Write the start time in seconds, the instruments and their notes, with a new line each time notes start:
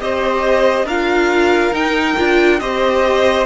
0.00 cello C4, viola G4, violin C5 D#5
0.84 cello D4, viola F4, violin A#4 F5
1.72 cello D#4, viola D#4, violin G5
2.17 cello D4, viola F4
2.59 cello C4, viola G4, violin C5 D#5